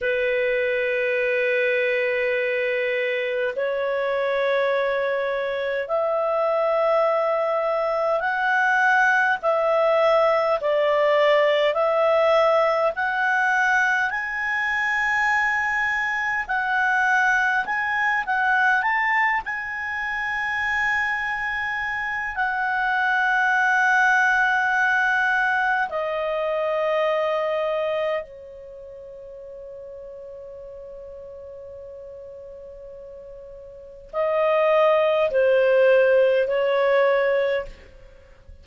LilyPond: \new Staff \with { instrumentName = "clarinet" } { \time 4/4 \tempo 4 = 51 b'2. cis''4~ | cis''4 e''2 fis''4 | e''4 d''4 e''4 fis''4 | gis''2 fis''4 gis''8 fis''8 |
a''8 gis''2~ gis''8 fis''4~ | fis''2 dis''2 | cis''1~ | cis''4 dis''4 c''4 cis''4 | }